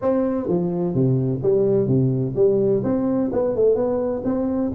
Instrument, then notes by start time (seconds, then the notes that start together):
tuba
0.01 C4
0.48 F3
0.94 C3
1.42 G3
1.87 C3
2.35 G3
2.83 C4
3.32 B3
3.55 A3
3.75 B3
4.24 C4